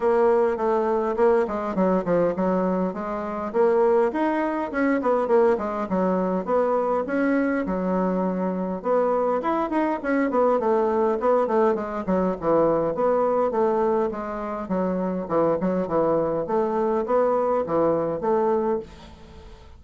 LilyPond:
\new Staff \with { instrumentName = "bassoon" } { \time 4/4 \tempo 4 = 102 ais4 a4 ais8 gis8 fis8 f8 | fis4 gis4 ais4 dis'4 | cis'8 b8 ais8 gis8 fis4 b4 | cis'4 fis2 b4 |
e'8 dis'8 cis'8 b8 a4 b8 a8 | gis8 fis8 e4 b4 a4 | gis4 fis4 e8 fis8 e4 | a4 b4 e4 a4 | }